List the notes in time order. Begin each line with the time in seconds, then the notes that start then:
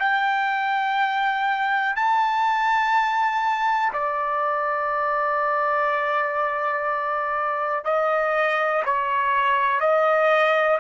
0.00 G5
1.96 A5
3.93 D5
7.85 D#5
8.85 C#5
9.80 D#5